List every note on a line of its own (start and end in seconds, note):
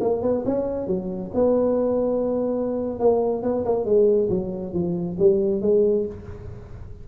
0.00 0.22 A#3
0.22 0.44 B3
0.45 0.86 C#4
0.86 1.31 F#3
1.34 2.99 B3
2.99 3.42 A#3
3.42 3.64 B3
3.65 3.85 A#3
3.85 4.29 G#3
4.29 4.73 F#3
4.73 5.17 F3
5.19 5.61 G3
5.61 6.05 G#3